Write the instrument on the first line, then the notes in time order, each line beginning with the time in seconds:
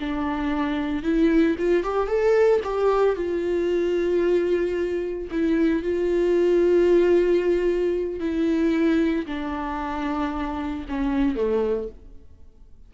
viola
0.00 D4
1.03 E4
1.59 F4
1.84 G4
2.08 A4
2.64 G4
3.16 F4
5.31 E4
5.83 F4
8.20 E4
9.26 D4
10.89 C#4
11.36 A3